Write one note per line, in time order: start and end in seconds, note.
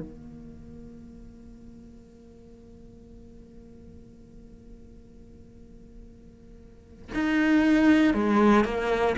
0.00 7.12 A#3
7.14 8.14 D#4
8.14 8.65 G#3
8.65 9.16 A#3